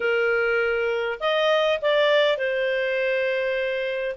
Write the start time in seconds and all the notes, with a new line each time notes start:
0.00 A#4
1.20 D#5
1.81 D5
2.37 C5